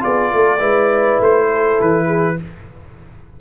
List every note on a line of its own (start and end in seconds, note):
0.00 0.34 B3
0.00 0.59 F4
0.00 0.32 G#4
0.00 1.22 D5
0.34 0.61 A3
0.34 0.59 A4
0.59 1.20 G#3
0.59 2.36 E4
0.59 1.47 B4
1.20 1.79 A3
1.20 1.82 C5
1.53 2.07 A4
1.81 2.40 E3
1.81 2.41 B4
2.07 2.36 G#4